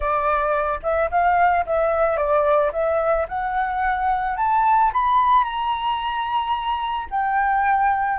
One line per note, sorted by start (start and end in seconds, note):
0.00 0.80 D5
0.82 1.10 E5
1.10 1.65 F5
1.66 2.16 E5
2.16 2.71 D5
2.72 3.27 E5
3.28 4.36 F#5
4.36 4.91 A5
4.93 5.43 B5
5.43 7.07 A#5
7.10 8.19 G5